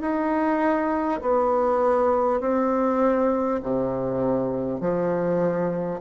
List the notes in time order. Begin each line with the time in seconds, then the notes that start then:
0.00 D#4
1.21 B3
2.40 C4
3.63 C3
4.80 F3